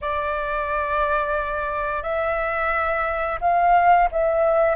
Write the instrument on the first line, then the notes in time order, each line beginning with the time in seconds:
flute
0.01 D5
2.02 E5
3.40 F5
4.11 E5